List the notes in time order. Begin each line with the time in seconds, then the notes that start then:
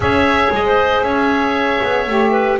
0.00 C#4 G#4 C#5 E5
0.51 G#3 D#5
0.66 C5
1.02 C#4 C#5 E5
1.82 B3
2.06 A3 G4
2.31 B4